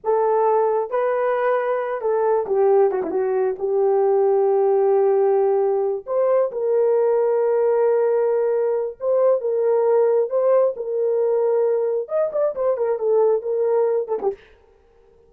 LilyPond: \new Staff \with { instrumentName = "horn" } { \time 4/4 \tempo 4 = 134 a'2 b'2~ | b'8 a'4 g'4 fis'16 e'16 fis'4 | g'1~ | g'4. c''4 ais'4.~ |
ais'1 | c''4 ais'2 c''4 | ais'2. dis''8 d''8 | c''8 ais'8 a'4 ais'4. a'16 g'16 | }